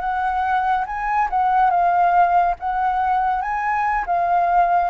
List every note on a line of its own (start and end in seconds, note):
0.00 0.85 F#5
0.86 1.28 G#5
1.30 1.70 F#5
1.70 2.55 F5
2.59 3.41 F#5
3.41 4.05 G#5
4.06 4.90 F5